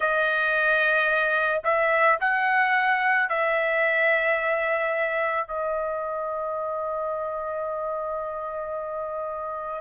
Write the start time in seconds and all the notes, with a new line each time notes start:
0.00 D#5
1.64 E5
2.20 F#5
3.29 E5
5.47 D#5